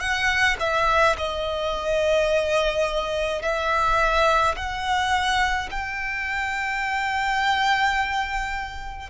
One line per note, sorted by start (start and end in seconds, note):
0.00 0.57 F#5
0.60 1.16 E5
1.18 3.42 D#5
3.42 4.55 E5
4.56 5.69 F#5
5.71 9.10 G5